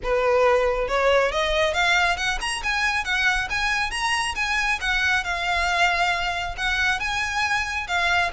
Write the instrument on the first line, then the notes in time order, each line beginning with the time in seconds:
violin
0.03 B4
0.88 C#5
1.31 D#5
1.73 F5
2.16 F#5
2.40 A#5
2.63 G#5
3.04 F#5
3.50 G#5
3.90 A#5
4.35 G#5
4.80 F#5
5.24 F5
6.57 F#5
6.99 G#5
7.87 F5